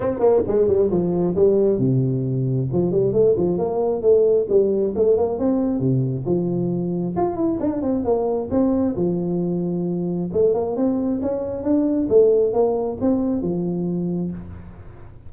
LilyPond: \new Staff \with { instrumentName = "tuba" } { \time 4/4 \tempo 4 = 134 c'8 ais8 gis8 g8 f4 g4 | c2 f8 g8 a8 f8 | ais4 a4 g4 a8 ais8 | c'4 c4 f2 |
f'8 e'8 d'8 c'8 ais4 c'4 | f2. a8 ais8 | c'4 cis'4 d'4 a4 | ais4 c'4 f2 | }